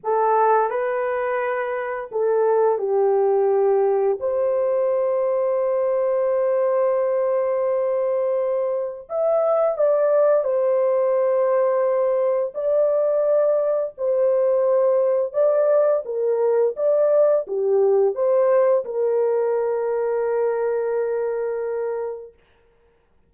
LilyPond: \new Staff \with { instrumentName = "horn" } { \time 4/4 \tempo 4 = 86 a'4 b'2 a'4 | g'2 c''2~ | c''1~ | c''4 e''4 d''4 c''4~ |
c''2 d''2 | c''2 d''4 ais'4 | d''4 g'4 c''4 ais'4~ | ais'1 | }